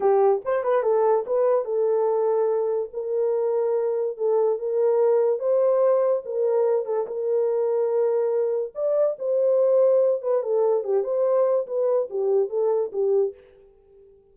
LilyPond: \new Staff \with { instrumentName = "horn" } { \time 4/4 \tempo 4 = 144 g'4 c''8 b'8 a'4 b'4 | a'2. ais'4~ | ais'2 a'4 ais'4~ | ais'4 c''2 ais'4~ |
ais'8 a'8 ais'2.~ | ais'4 d''4 c''2~ | c''8 b'8 a'4 g'8 c''4. | b'4 g'4 a'4 g'4 | }